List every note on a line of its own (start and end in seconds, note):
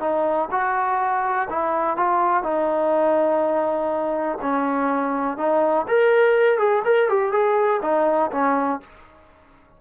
0.00 0.49 D#4
0.51 1.49 F#4
1.50 1.97 E4
1.97 2.43 F4
2.43 4.38 D#4
4.41 5.37 C#4
5.37 5.86 D#4
5.88 6.59 A#4
6.59 6.83 G#4
6.85 7.09 A#4
7.09 7.32 G4
7.32 7.81 G#4
7.82 8.31 D#4
8.32 8.80 C#4